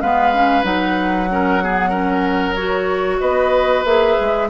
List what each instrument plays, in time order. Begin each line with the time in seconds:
0.00 bassoon G#3, clarinet B3, oboe B4, flute F5
0.33 clarinet C#4
0.63 bassoon F#3, clarinet D#4, flute F#5
1.29 clarinet C#4, oboe A#4
1.62 clarinet B3, oboe G#4
1.89 clarinet C#4, oboe A#4
2.55 clarinet F#4, flute C#5
3.19 bassoon B3, oboe B4, flute D#5
3.84 bassoon A#3, clarinet G#4, flute E5
4.20 bassoon G#3